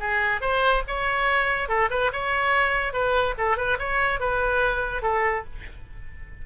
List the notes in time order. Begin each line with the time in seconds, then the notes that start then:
0.00 G#4
0.41 C5
0.88 C#5
1.69 A4
1.91 B4
2.13 C#5
2.93 B4
3.38 A4
3.57 B4
3.79 C#5
4.20 B4
5.03 A4